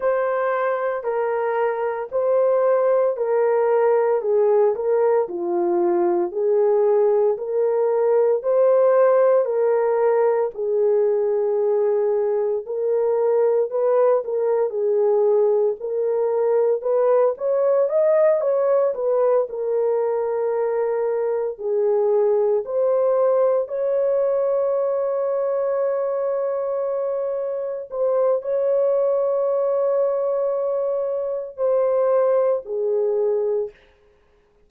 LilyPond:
\new Staff \with { instrumentName = "horn" } { \time 4/4 \tempo 4 = 57 c''4 ais'4 c''4 ais'4 | gis'8 ais'8 f'4 gis'4 ais'4 | c''4 ais'4 gis'2 | ais'4 b'8 ais'8 gis'4 ais'4 |
b'8 cis''8 dis''8 cis''8 b'8 ais'4.~ | ais'8 gis'4 c''4 cis''4.~ | cis''2~ cis''8 c''8 cis''4~ | cis''2 c''4 gis'4 | }